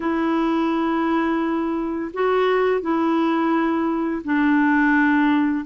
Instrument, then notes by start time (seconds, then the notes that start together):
clarinet
0.00 E4
2.13 F#4
2.81 E4
4.24 D4